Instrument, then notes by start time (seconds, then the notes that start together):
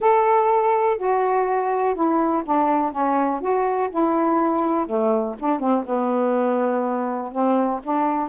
saxophone
0.00 A4
0.97 F#4
1.94 E4
2.45 D4
2.91 C#4
3.40 F#4
3.90 E4
4.86 A3
5.39 D4
5.59 C4
5.85 B3
7.31 C4
7.83 D4